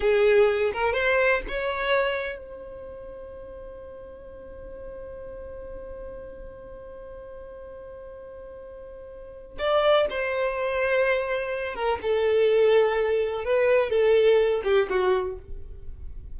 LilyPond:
\new Staff \with { instrumentName = "violin" } { \time 4/4 \tempo 4 = 125 gis'4. ais'8 c''4 cis''4~ | cis''4 c''2.~ | c''1~ | c''1~ |
c''1 | d''4 c''2.~ | c''8 ais'8 a'2. | b'4 a'4. g'8 fis'4 | }